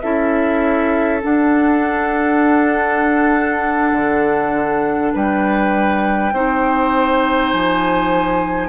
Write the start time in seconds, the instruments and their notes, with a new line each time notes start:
0.00 bassoon C#4, clarinet E4, oboe A4, flute E5
1.20 clarinet D4, bassoon D4, flute F#5
3.92 bassoon D3
5.13 bassoon G3, oboe B4, flute G5
6.32 bassoon C4, clarinet D#4, oboe C5
7.52 bassoon F3, flute G#5